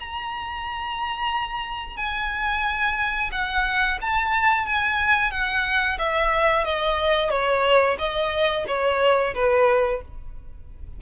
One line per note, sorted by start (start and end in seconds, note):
0.00 1.97 A#5
1.97 3.30 G#5
3.32 3.98 F#5
4.02 4.66 A5
4.66 5.31 G#5
5.31 5.98 F#5
5.99 6.65 E5
6.65 7.30 D#5
7.30 7.97 C#5
7.98 8.65 D#5
8.67 9.34 C#5
9.35 10.02 B4